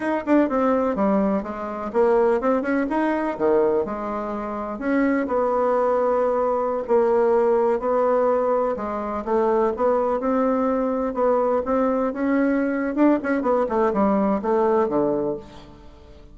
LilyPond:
\new Staff \with { instrumentName = "bassoon" } { \time 4/4 \tempo 4 = 125 dis'8 d'8 c'4 g4 gis4 | ais4 c'8 cis'8 dis'4 dis4 | gis2 cis'4 b4~ | b2~ b16 ais4.~ ais16~ |
ais16 b2 gis4 a8.~ | a16 b4 c'2 b8.~ | b16 c'4 cis'4.~ cis'16 d'8 cis'8 | b8 a8 g4 a4 d4 | }